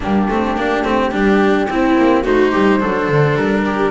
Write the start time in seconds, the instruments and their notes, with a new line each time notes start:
0.00 double bass G3, cello A#3, viola D4, flute G4
0.28 double bass A3, cello C4
0.56 double bass A#3, cello D4
0.84 double bass A3, cello C4
1.11 double bass G3, cello D4, viola G4
1.68 double bass C4, cello C4, viola E4
1.97 double bass A#3
2.23 double bass A3, cello D#4, viola F#4, flute C5
2.51 double bass G3, viola G4
2.80 double bass F#3, cello D4, viola A4
3.08 double bass D3
3.35 double bass G3, flute A#4
3.64 viola G4